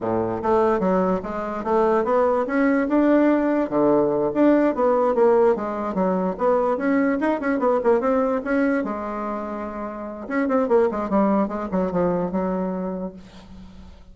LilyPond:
\new Staff \with { instrumentName = "bassoon" } { \time 4/4 \tempo 4 = 146 a,4 a4 fis4 gis4 | a4 b4 cis'4 d'4~ | d'4 d4. d'4 b8~ | b8 ais4 gis4 fis4 b8~ |
b8 cis'4 dis'8 cis'8 b8 ais8 c'8~ | c'8 cis'4 gis2~ gis8~ | gis4 cis'8 c'8 ais8 gis8 g4 | gis8 fis8 f4 fis2 | }